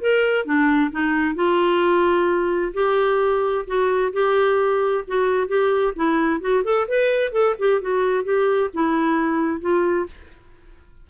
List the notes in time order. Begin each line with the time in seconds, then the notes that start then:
0.00 A#4
0.45 D4
0.91 D#4
1.35 F4
2.73 G4
3.67 F#4
4.12 G4
5.07 F#4
5.48 G4
5.95 E4
6.40 F#4
6.64 A4
6.88 B4
7.32 A4
7.59 G4
7.81 F#4
8.24 G4
8.73 E4
9.61 F4